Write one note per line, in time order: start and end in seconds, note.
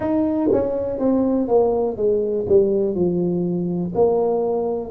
0.00 0.49 D#4
0.52 0.98 C#4
0.98 1.48 C4
1.48 1.97 A#3
1.97 2.46 G#3
2.49 2.94 G3
2.94 3.93 F3
3.94 4.91 A#3